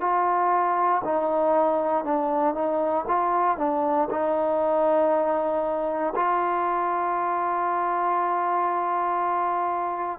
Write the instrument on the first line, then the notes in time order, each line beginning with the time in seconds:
trombone
0.00 F4
1.04 D#4
2.04 D4
2.54 D#4
3.07 F4
3.57 D4
4.10 D#4
6.15 F4